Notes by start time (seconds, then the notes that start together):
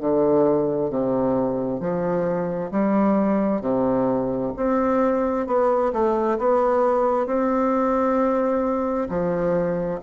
0.00 D3
0.90 C3
1.80 F3
2.71 G3
3.61 C3
4.57 C4
5.47 B3
5.93 A3
6.39 B3
7.26 C4
9.10 F3